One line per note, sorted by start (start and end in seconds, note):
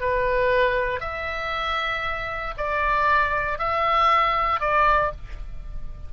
0.00 1.00 B4
1.00 2.54 E5
2.57 3.59 D5
3.59 4.60 E5
4.60 5.11 D5